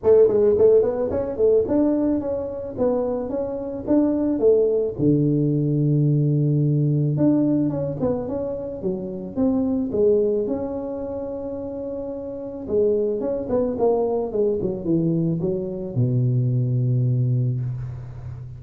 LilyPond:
\new Staff \with { instrumentName = "tuba" } { \time 4/4 \tempo 4 = 109 a8 gis8 a8 b8 cis'8 a8 d'4 | cis'4 b4 cis'4 d'4 | a4 d2.~ | d4 d'4 cis'8 b8 cis'4 |
fis4 c'4 gis4 cis'4~ | cis'2. gis4 | cis'8 b8 ais4 gis8 fis8 e4 | fis4 b,2. | }